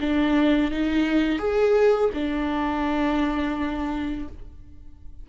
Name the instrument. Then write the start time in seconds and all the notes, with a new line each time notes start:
viola
0.00 D4
0.71 D#4
1.38 G#4
2.14 D4